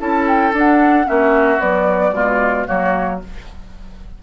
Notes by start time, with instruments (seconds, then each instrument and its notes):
0.00 bassoon C#4, clarinet E4, oboe A4, flute A5
0.28 flute G5
0.53 clarinet D4, bassoon D4, flute F#5
1.05 bassoon A#3, clarinet C#4, oboe F#4, flute E5
1.59 clarinet F#3, bassoon B3, flute D5
2.12 bassoon B2, clarinet G#3, oboe F4
2.66 bassoon F#3, clarinet A#3, oboe F#4, flute C#5